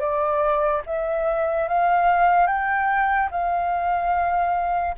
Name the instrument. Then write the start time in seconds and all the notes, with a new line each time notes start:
flute
0.00 D5
0.87 E5
1.69 F5
2.47 G5
3.31 F5